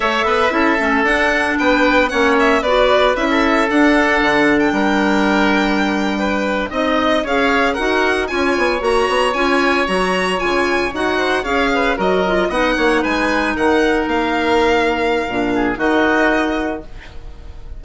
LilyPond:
<<
  \new Staff \with { instrumentName = "violin" } { \time 4/4 \tempo 4 = 114 e''2 fis''4 g''4 | fis''8 e''8 d''4 e''4 fis''4~ | fis''8. g''2.~ g''16~ | g''8. dis''4 f''4 fis''4 gis''16~ |
gis''8. ais''4 gis''4 ais''4 gis''16~ | gis''8. fis''4 f''4 dis''4 fis''16~ | fis''8. gis''4 fis''4 f''4~ f''16~ | f''2 dis''2 | }
  \new Staff \with { instrumentName = "oboe" } { \time 4/4 cis''8 b'8 a'2 b'4 | cis''4 b'4~ b'16 a'4.~ a'16~ | a'4 ais'2~ ais'8. b'16~ | b'8. dis''4 cis''4 ais'4 cis''16~ |
cis''1~ | cis''4~ cis''16 c''8 cis''8 b'8 ais'4 dis''16~ | dis''16 cis''8 b'4 ais'2~ ais'16~ | ais'4. gis'8 fis'2 | }
  \new Staff \with { instrumentName = "clarinet" } { \time 4/4 a'4 e'8 cis'8 d'2 | cis'4 fis'4 e'4 d'4~ | d'1~ | d'8. dis'4 gis'4 fis'4 f'16~ |
f'8. fis'4 f'4 fis'4 f'16~ | f'8. fis'4 gis'4 fis'8 f'8 dis'16~ | dis'1~ | dis'4 d'4 dis'2 | }
  \new Staff \with { instrumentName = "bassoon" } { \time 4/4 a8 b8 cis'8 a8 d'4 b4 | ais4 b4 cis'4 d'4 | d4 g2.~ | g8. c'4 cis'4 dis'4 cis'16~ |
cis'16 b8 ais8 b8 cis'4 fis4 cis16~ | cis8. dis'4 cis'4 fis4 b16~ | b16 ais8 gis4 dis4 ais4~ ais16~ | ais4 ais,4 dis2 | }
>>